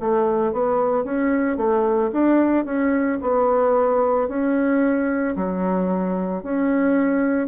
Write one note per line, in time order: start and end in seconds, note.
0.00 0.53 A3
0.53 1.05 B3
1.05 1.57 C#4
1.57 2.11 A3
2.13 2.65 D4
2.65 3.19 C#4
3.22 4.29 B3
4.29 5.36 C#4
5.36 6.43 F#3
6.43 7.48 C#4